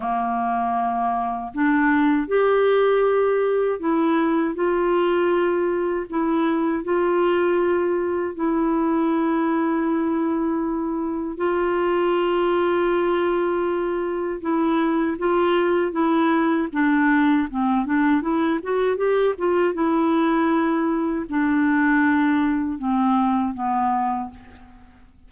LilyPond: \new Staff \with { instrumentName = "clarinet" } { \time 4/4 \tempo 4 = 79 ais2 d'4 g'4~ | g'4 e'4 f'2 | e'4 f'2 e'4~ | e'2. f'4~ |
f'2. e'4 | f'4 e'4 d'4 c'8 d'8 | e'8 fis'8 g'8 f'8 e'2 | d'2 c'4 b4 | }